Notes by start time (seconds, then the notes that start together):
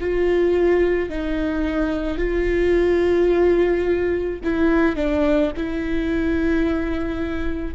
0.00 F4
1.09 D#4
2.18 F4
4.44 E4
4.95 D4
5.56 E4